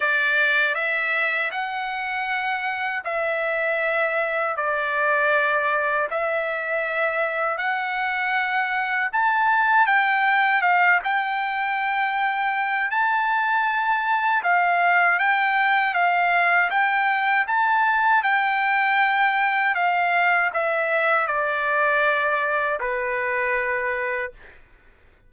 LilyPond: \new Staff \with { instrumentName = "trumpet" } { \time 4/4 \tempo 4 = 79 d''4 e''4 fis''2 | e''2 d''2 | e''2 fis''2 | a''4 g''4 f''8 g''4.~ |
g''4 a''2 f''4 | g''4 f''4 g''4 a''4 | g''2 f''4 e''4 | d''2 b'2 | }